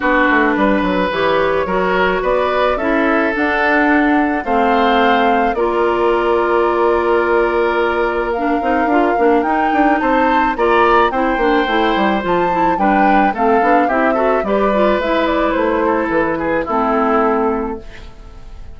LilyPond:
<<
  \new Staff \with { instrumentName = "flute" } { \time 4/4 \tempo 4 = 108 b'2 cis''2 | d''4 e''4 fis''2 | f''2 d''2~ | d''2. f''4~ |
f''4 g''4 a''4 ais''4 | g''2 a''4 g''4 | f''4 e''4 d''4 e''8 d''8 | c''4 b'4 a'2 | }
  \new Staff \with { instrumentName = "oboe" } { \time 4/4 fis'4 b'2 ais'4 | b'4 a'2. | c''2 ais'2~ | ais'1~ |
ais'2 c''4 d''4 | c''2. b'4 | a'4 g'8 a'8 b'2~ | b'8 a'4 gis'8 e'2 | }
  \new Staff \with { instrumentName = "clarinet" } { \time 4/4 d'2 g'4 fis'4~ | fis'4 e'4 d'2 | c'2 f'2~ | f'2. d'8 dis'8 |
f'8 d'8 dis'2 f'4 | e'8 d'8 e'4 f'8 e'8 d'4 | c'8 d'8 e'8 fis'8 g'8 f'8 e'4~ | e'2 c'2 | }
  \new Staff \with { instrumentName = "bassoon" } { \time 4/4 b8 a8 g8 fis8 e4 fis4 | b4 cis'4 d'2 | a2 ais2~ | ais2.~ ais8 c'8 |
d'8 ais8 dis'8 d'8 c'4 ais4 | c'8 ais8 a8 g8 f4 g4 | a8 b8 c'4 g4 gis4 | a4 e4 a2 | }
>>